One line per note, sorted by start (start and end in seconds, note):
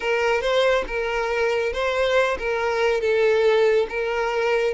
0.00 0.41 A#4
0.41 0.84 C5
0.87 1.72 A#4
1.72 2.37 C5
2.38 3.00 A#4
3.00 3.87 A4
3.89 4.74 A#4